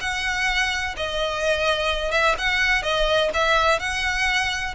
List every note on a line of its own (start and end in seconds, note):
0.00 0.95 F#5
0.97 2.11 D#5
2.11 2.35 E5
2.38 2.82 F#5
2.82 3.30 D#5
3.34 3.79 E5
3.79 4.74 F#5